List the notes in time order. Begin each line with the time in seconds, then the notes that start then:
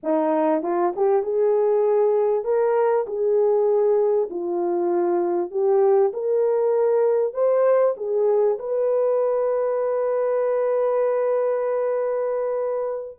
0.03 D#4
0.62 F4
0.95 G4
1.22 G#4
2.44 A#4
3.06 G#4
4.30 F4
5.50 G4
6.13 A#4
7.33 C5
7.96 G#4
8.58 B4